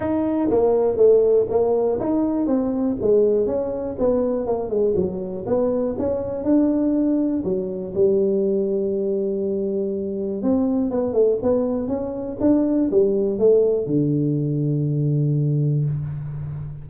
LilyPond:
\new Staff \with { instrumentName = "tuba" } { \time 4/4 \tempo 4 = 121 dis'4 ais4 a4 ais4 | dis'4 c'4 gis4 cis'4 | b4 ais8 gis8 fis4 b4 | cis'4 d'2 fis4 |
g1~ | g4 c'4 b8 a8 b4 | cis'4 d'4 g4 a4 | d1 | }